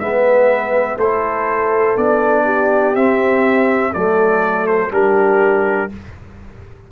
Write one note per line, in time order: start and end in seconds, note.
0.00 0.97 G#3
0.00 1.00 B3
0.00 0.99 B4
0.00 0.98 E5
0.97 1.95 A3
0.97 2.45 A4
0.97 1.98 C5
1.04 1.97 E4
1.97 2.95 B3
1.97 2.96 D4
1.97 2.96 D5
2.45 3.92 G4
2.95 3.94 C4
2.95 3.95 C4
2.95 3.94 E5
3.94 4.92 F#3
3.94 4.92 A3
3.94 4.93 A4
3.94 4.67 D5
4.67 4.92 C5
4.92 5.90 G3
4.92 5.90 D4
4.92 5.91 G4
4.92 5.92 A#4